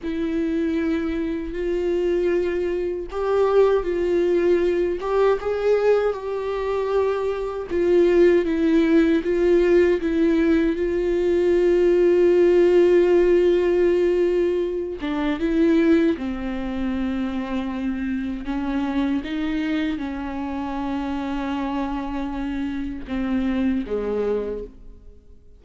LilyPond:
\new Staff \with { instrumentName = "viola" } { \time 4/4 \tempo 4 = 78 e'2 f'2 | g'4 f'4. g'8 gis'4 | g'2 f'4 e'4 | f'4 e'4 f'2~ |
f'2.~ f'8 d'8 | e'4 c'2. | cis'4 dis'4 cis'2~ | cis'2 c'4 gis4 | }